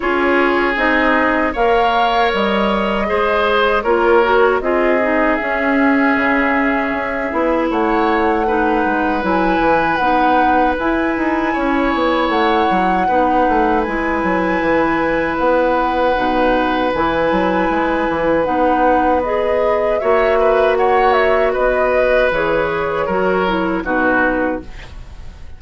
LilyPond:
<<
  \new Staff \with { instrumentName = "flute" } { \time 4/4 \tempo 4 = 78 cis''4 dis''4 f''4 dis''4~ | dis''4 cis''4 dis''4 e''4~ | e''2 fis''2 | gis''4 fis''4 gis''2 |
fis''2 gis''2 | fis''2 gis''2 | fis''4 dis''4 e''4 fis''8 e''8 | dis''4 cis''2 b'4 | }
  \new Staff \with { instrumentName = "oboe" } { \time 4/4 gis'2 cis''2 | c''4 ais'4 gis'2~ | gis'2 cis''4 b'4~ | b'2. cis''4~ |
cis''4 b'2.~ | b'1~ | b'2 cis''8 b'8 cis''4 | b'2 ais'4 fis'4 | }
  \new Staff \with { instrumentName = "clarinet" } { \time 4/4 f'4 dis'4 ais'2 | gis'4 f'8 fis'8 f'8 dis'8 cis'4~ | cis'4. e'4. dis'4 | e'4 dis'4 e'2~ |
e'4 dis'4 e'2~ | e'4 dis'4 e'2 | dis'4 gis'4 fis'2~ | fis'4 gis'4 fis'8 e'8 dis'4 | }
  \new Staff \with { instrumentName = "bassoon" } { \time 4/4 cis'4 c'4 ais4 g4 | gis4 ais4 c'4 cis'4 | cis4 cis'8 b8 a4. gis8 | fis8 e8 b4 e'8 dis'8 cis'8 b8 |
a8 fis8 b8 a8 gis8 fis8 e4 | b4 b,4 e8 fis8 gis8 e8 | b2 ais2 | b4 e4 fis4 b,4 | }
>>